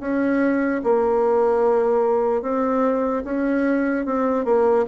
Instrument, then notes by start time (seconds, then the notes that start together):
bassoon
0.00 C#4
0.84 A#3
2.42 C4
3.24 C#4
4.05 C4
4.45 A#3